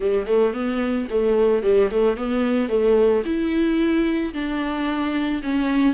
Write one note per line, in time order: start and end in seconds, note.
0.00 0.26 G3
0.26 0.53 A3
0.53 1.07 B3
1.10 1.62 A3
1.62 1.89 G3
1.90 2.16 A3
2.16 2.69 B3
2.69 3.23 A3
3.25 4.33 E4
4.33 5.42 D4
5.43 5.93 C#4